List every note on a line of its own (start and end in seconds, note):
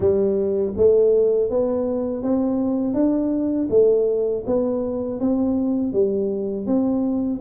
0.00 0.72 G3
0.76 1.50 A3
1.50 2.22 B3
2.22 2.94 C4
2.94 3.68 D4
3.70 4.44 A3
4.46 5.20 B3
5.20 5.93 C4
5.93 6.66 G3
6.66 7.40 C4